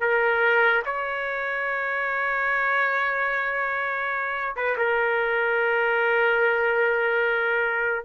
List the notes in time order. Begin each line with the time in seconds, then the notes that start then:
0.00 A#4
0.85 C#5
4.56 B4
4.77 A#4